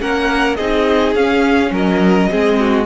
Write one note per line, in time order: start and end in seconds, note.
0.00 0.58 A#3
0.00 0.57 C#4
0.00 0.57 A#4
0.00 0.56 F#5
0.56 1.15 C4
0.56 1.17 D#4
0.56 1.71 G#4
0.56 1.13 D#5
1.15 1.71 C#4
1.15 2.30 C#4
1.15 1.72 F5
1.71 2.28 F#3
1.71 2.29 A#4
1.71 2.85 D#5
2.30 2.85 G#3
2.30 2.85 C4
2.30 2.59 G#4
2.60 2.85 F#4